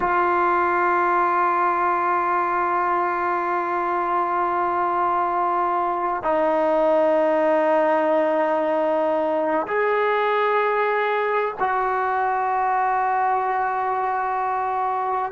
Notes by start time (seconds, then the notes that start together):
0.00 F4
6.23 D#4
9.67 G#4
11.59 F#4